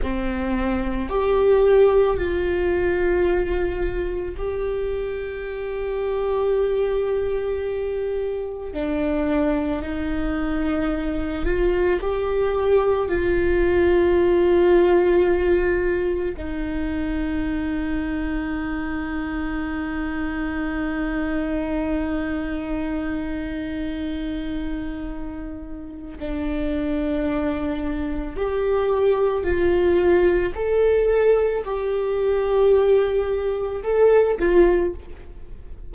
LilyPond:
\new Staff \with { instrumentName = "viola" } { \time 4/4 \tempo 4 = 55 c'4 g'4 f'2 | g'1 | d'4 dis'4. f'8 g'4 | f'2. dis'4~ |
dis'1~ | dis'1 | d'2 g'4 f'4 | a'4 g'2 a'8 f'8 | }